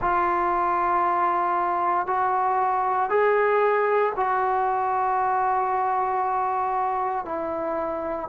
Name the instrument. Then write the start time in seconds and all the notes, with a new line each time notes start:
trombone
0.01 F4
2.06 F#4
3.09 G#4
4.16 F#4
7.25 E4